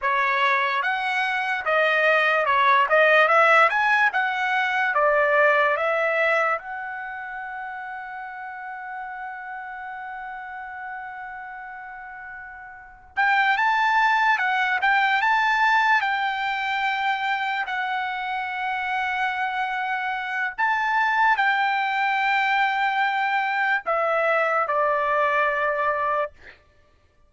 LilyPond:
\new Staff \with { instrumentName = "trumpet" } { \time 4/4 \tempo 4 = 73 cis''4 fis''4 dis''4 cis''8 dis''8 | e''8 gis''8 fis''4 d''4 e''4 | fis''1~ | fis''1 |
g''8 a''4 fis''8 g''8 a''4 g''8~ | g''4. fis''2~ fis''8~ | fis''4 a''4 g''2~ | g''4 e''4 d''2 | }